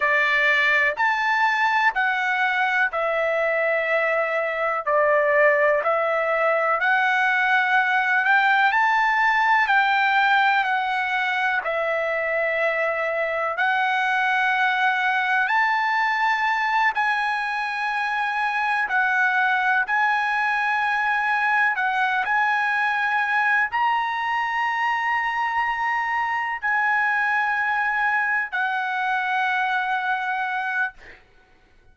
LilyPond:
\new Staff \with { instrumentName = "trumpet" } { \time 4/4 \tempo 4 = 62 d''4 a''4 fis''4 e''4~ | e''4 d''4 e''4 fis''4~ | fis''8 g''8 a''4 g''4 fis''4 | e''2 fis''2 |
a''4. gis''2 fis''8~ | fis''8 gis''2 fis''8 gis''4~ | gis''8 ais''2. gis''8~ | gis''4. fis''2~ fis''8 | }